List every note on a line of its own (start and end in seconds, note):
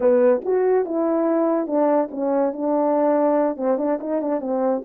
0.00 0.41 B3
0.44 0.85 F#4
0.85 1.66 E4
1.66 2.08 D4
2.10 2.52 C#4
2.53 3.57 D4
3.57 3.78 C4
3.78 3.99 D4
4.00 4.21 D#4
4.21 4.40 D4
4.40 4.82 C4